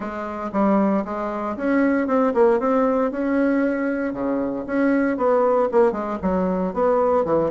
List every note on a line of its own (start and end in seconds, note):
0.00 0.51 G#3
0.52 1.04 G3
1.04 1.56 G#3
1.56 2.07 C#4
2.07 2.33 C4
2.34 2.59 A#3
2.59 3.11 C4
3.11 4.13 C#4
4.13 4.65 C#3
4.66 5.17 C#4
5.17 5.68 B3
5.71 5.92 A#3
5.92 6.17 G#3
6.22 6.73 F#3
6.73 7.24 B3
7.24 7.50 E3